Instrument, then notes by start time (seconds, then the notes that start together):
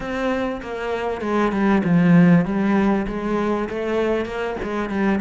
cello
0.00 C4
0.62 A#3
1.21 G#3
1.51 G3
1.84 F3
2.45 G3
3.07 G#3
3.69 A3
4.25 A#3
4.63 G#3
4.89 G3